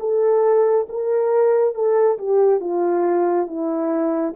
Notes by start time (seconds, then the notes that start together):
0.00 A4
0.89 A#4
1.74 A4
2.18 G4
2.60 F4
3.47 E4